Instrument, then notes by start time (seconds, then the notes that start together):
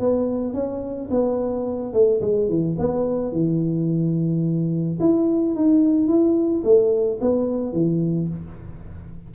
tuba
0.00 B3
0.54 C#4
1.11 B3
1.93 A3
2.21 G#3
2.49 E3
2.79 B3
3.33 E3
5.01 E4
5.56 D#4
6.08 E4
6.64 A3
7.21 B3
7.73 E3